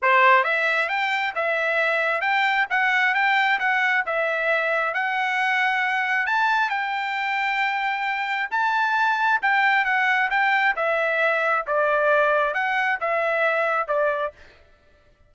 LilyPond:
\new Staff \with { instrumentName = "trumpet" } { \time 4/4 \tempo 4 = 134 c''4 e''4 g''4 e''4~ | e''4 g''4 fis''4 g''4 | fis''4 e''2 fis''4~ | fis''2 a''4 g''4~ |
g''2. a''4~ | a''4 g''4 fis''4 g''4 | e''2 d''2 | fis''4 e''2 d''4 | }